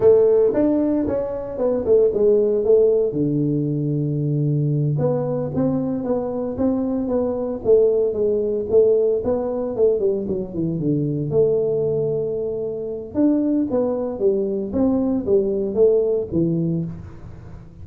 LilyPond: \new Staff \with { instrumentName = "tuba" } { \time 4/4 \tempo 4 = 114 a4 d'4 cis'4 b8 a8 | gis4 a4 d2~ | d4. b4 c'4 b8~ | b8 c'4 b4 a4 gis8~ |
gis8 a4 b4 a8 g8 fis8 | e8 d4 a2~ a8~ | a4 d'4 b4 g4 | c'4 g4 a4 e4 | }